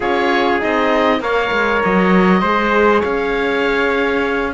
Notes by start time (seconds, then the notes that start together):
0.00 C#4 F4 G#4 C#5
0.59 C4 D#4 D#5
1.20 A#3 A#4 C#5 F5
1.51 G#3
1.83 F#3 D#5
2.41 G#3 G#4 C5
3.00 C#4 C#5 F5